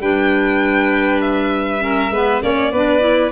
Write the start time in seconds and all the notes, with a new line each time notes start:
0.00 G3 D4 B4 G5
1.20 E5
1.79 C#4 A#4
2.10 G#3 B3 B4
2.41 A#3 C#4 C#5 D5
2.72 B3 D4 B4
3.00 E4